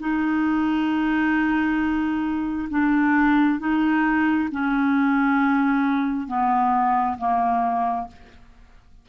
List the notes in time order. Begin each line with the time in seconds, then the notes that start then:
0.00 D#4
2.70 D4
3.59 D#4
4.51 C#4
6.28 B3
7.18 A#3